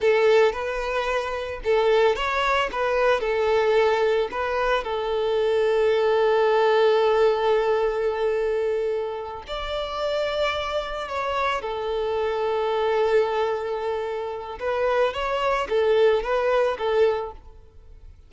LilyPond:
\new Staff \with { instrumentName = "violin" } { \time 4/4 \tempo 4 = 111 a'4 b'2 a'4 | cis''4 b'4 a'2 | b'4 a'2.~ | a'1~ |
a'4. d''2~ d''8~ | d''8 cis''4 a'2~ a'8~ | a'2. b'4 | cis''4 a'4 b'4 a'4 | }